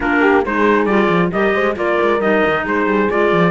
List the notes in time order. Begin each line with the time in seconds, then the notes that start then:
0.00 A#3 D4 F4 A#4
0.21 G4
0.42 G#3 D#4 G#4 C5
0.85 G3 F4 D5
1.09 F3
1.31 G3 G4 A#4 D#5
1.54 G#3 C5
1.75 A#3 F4 A#4 D5
2.01 G#3
2.20 G3 D#4 D#5
2.47 D#3
2.64 G#3 G#4 C5
2.86 G3
3.09 G#3 F4 D5
3.32 F3